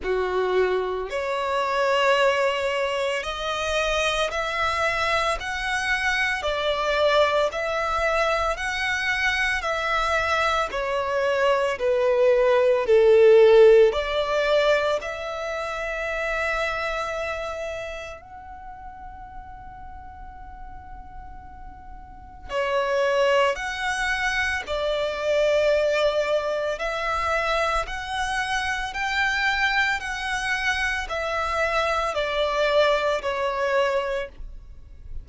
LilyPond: \new Staff \with { instrumentName = "violin" } { \time 4/4 \tempo 4 = 56 fis'4 cis''2 dis''4 | e''4 fis''4 d''4 e''4 | fis''4 e''4 cis''4 b'4 | a'4 d''4 e''2~ |
e''4 fis''2.~ | fis''4 cis''4 fis''4 d''4~ | d''4 e''4 fis''4 g''4 | fis''4 e''4 d''4 cis''4 | }